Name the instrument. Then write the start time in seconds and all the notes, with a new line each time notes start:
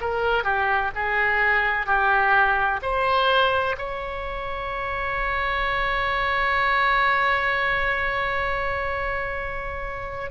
oboe
0.00 A#4
0.43 G4
0.95 G#4
1.86 G4
2.82 C5
3.78 C#5